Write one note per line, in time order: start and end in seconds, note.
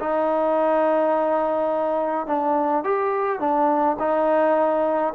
0.00 2.26 D#4
2.26 2.84 D4
2.84 3.39 G4
3.39 3.97 D4
3.99 5.14 D#4